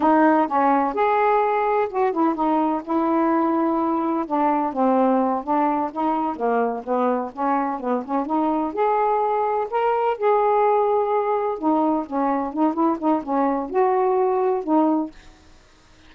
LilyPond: \new Staff \with { instrumentName = "saxophone" } { \time 4/4 \tempo 4 = 127 dis'4 cis'4 gis'2 | fis'8 e'8 dis'4 e'2~ | e'4 d'4 c'4. d'8~ | d'8 dis'4 ais4 b4 cis'8~ |
cis'8 b8 cis'8 dis'4 gis'4.~ | gis'8 ais'4 gis'2~ gis'8~ | gis'8 dis'4 cis'4 dis'8 e'8 dis'8 | cis'4 fis'2 dis'4 | }